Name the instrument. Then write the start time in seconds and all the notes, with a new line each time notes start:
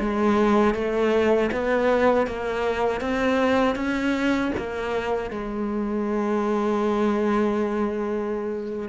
cello
0.00 G#3
0.75 A3
1.52 B3
2.27 A#3
3.01 C4
3.76 C#4
4.57 A#3
5.31 G#3